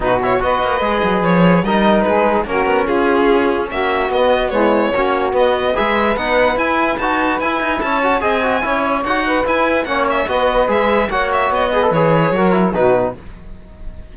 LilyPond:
<<
  \new Staff \with { instrumentName = "violin" } { \time 4/4 \tempo 4 = 146 b'8 cis''8 dis''2 cis''4 | dis''4 b'4 ais'4 gis'4~ | gis'4 e''4 dis''4 cis''4~ | cis''4 dis''4 e''4 fis''4 |
gis''4 a''4 gis''4 a''4 | gis''2 fis''4 gis''4 | fis''8 e''8 dis''4 e''4 fis''8 e''8 | dis''4 cis''2 b'4 | }
  \new Staff \with { instrumentName = "saxophone" } { \time 4/4 fis'4 b'2. | ais'4 gis'4 fis'4 f'4~ | f'4 fis'2 e'4 | fis'2 b'2~ |
b'2. cis''4 | dis''4 cis''4. b'4. | cis''4 b'2 cis''4~ | cis''8 b'4. ais'4 fis'4 | }
  \new Staff \with { instrumentName = "trombone" } { \time 4/4 dis'8 e'8 fis'4 gis'2 | dis'2 cis'2~ | cis'2 b4 gis4 | cis'4 b4 gis'4 dis'4 |
e'4 fis'4 e'4. fis'8 | gis'8 fis'8 e'4 fis'4 e'4 | cis'4 fis'4 gis'4 fis'4~ | fis'8 gis'16 a'16 gis'4 fis'8 e'8 dis'4 | }
  \new Staff \with { instrumentName = "cello" } { \time 4/4 b,4 b8 ais8 gis8 fis8 f4 | g4 gis4 ais8 b8 cis'4~ | cis'4 ais4 b2 | ais4 b4 gis4 b4 |
e'4 dis'4 e'8 dis'8 cis'4 | c'4 cis'4 dis'4 e'4 | ais4 b4 gis4 ais4 | b4 e4 fis4 b,4 | }
>>